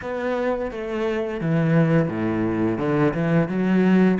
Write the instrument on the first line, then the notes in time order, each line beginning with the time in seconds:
cello
0.01 B3
0.71 A3
1.40 E3
2.08 A2
2.78 D3
3.14 E3
3.48 F#3